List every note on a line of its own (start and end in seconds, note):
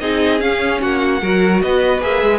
0.00 0.41 C4
0.00 0.39 D#4
0.00 0.82 G#4
0.00 0.40 D#5
0.39 1.20 C#4
0.39 0.81 C#4
0.39 0.81 F5
0.81 1.22 A#3
0.81 1.22 F#4
0.81 1.62 F#5
1.22 1.62 F#3
1.22 2.01 F#4
1.22 1.62 A#4
1.62 2.02 B3
1.62 2.39 B4
1.62 2.02 D#5
2.01 2.22 A#3
2.01 2.39 G#4
2.01 2.39 E5
2.22 2.39 G#3